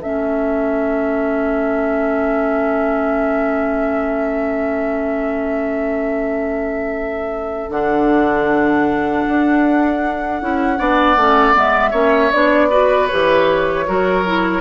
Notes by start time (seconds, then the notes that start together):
0.00 A3 C#4 A4 E5
7.70 D3 D4 F#5
9.28 D4
10.41 C#4 E4
10.77 B3 D4 D5
11.16 A3 C#4
11.53 G#3 B3 E5
11.90 A#3 C#4 C#5
12.32 B3 D4 D5
12.70 F#4 B4
13.07 E3 G4 C#5
13.86 F#3 F#4 A#4
14.26 E4